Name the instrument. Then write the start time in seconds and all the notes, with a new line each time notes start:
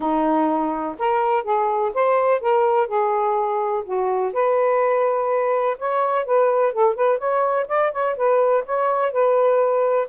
saxophone
0.00 D#4
0.98 A#4
1.43 G#4
1.93 C5
2.40 A#4
2.87 G#4
3.84 F#4
4.33 B4
5.78 C#5
6.25 B4
6.72 A4
6.94 B4
7.18 C#5
7.68 D5
7.92 C#5
8.16 B4
8.65 C#5
9.12 B4